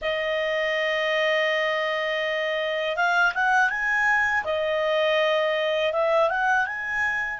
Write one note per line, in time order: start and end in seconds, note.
0.01 2.96 D#5
2.96 3.33 F5
3.34 3.70 F#5
3.70 4.44 G#5
4.44 5.92 D#5
5.93 6.29 E5
6.29 6.66 F#5
6.66 7.39 G#5